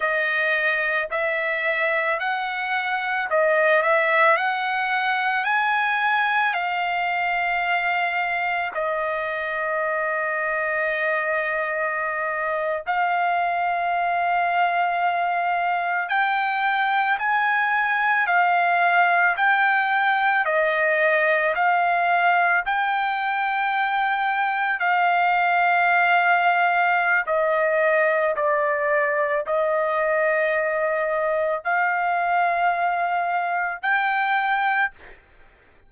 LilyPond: \new Staff \with { instrumentName = "trumpet" } { \time 4/4 \tempo 4 = 55 dis''4 e''4 fis''4 dis''8 e''8 | fis''4 gis''4 f''2 | dis''2.~ dis''8. f''16~ | f''2~ f''8. g''4 gis''16~ |
gis''8. f''4 g''4 dis''4 f''16~ | f''8. g''2 f''4~ f''16~ | f''4 dis''4 d''4 dis''4~ | dis''4 f''2 g''4 | }